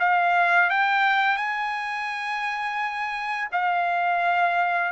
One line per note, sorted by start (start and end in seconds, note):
0.00 0.70 F5
0.70 1.37 G5
1.37 3.49 G#5
3.53 4.93 F5